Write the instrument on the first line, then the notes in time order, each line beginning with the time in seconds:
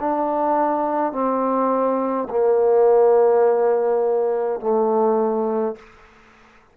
trombone
0.00 D4
1.13 C4
2.30 A#3
4.60 A3